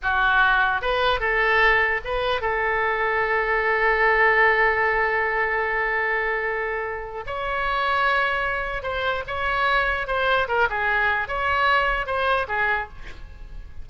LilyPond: \new Staff \with { instrumentName = "oboe" } { \time 4/4 \tempo 4 = 149 fis'2 b'4 a'4~ | a'4 b'4 a'2~ | a'1~ | a'1~ |
a'2 cis''2~ | cis''2 c''4 cis''4~ | cis''4 c''4 ais'8 gis'4. | cis''2 c''4 gis'4 | }